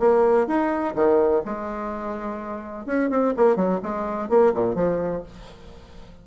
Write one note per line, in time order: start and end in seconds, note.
0.00 0.48 A#3
0.48 0.95 D#4
0.96 1.44 D#3
1.46 2.87 G#3
2.87 3.10 C#4
3.10 3.34 C4
3.37 3.56 A#3
3.56 3.80 F#3
3.83 4.30 G#3
4.30 4.54 A#3
4.55 4.76 A#2
4.76 5.23 F3